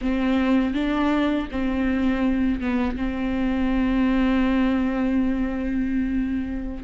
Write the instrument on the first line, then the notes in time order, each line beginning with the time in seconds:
viola
0.01 C4
0.74 D4
1.51 C4
2.60 B3
2.96 C4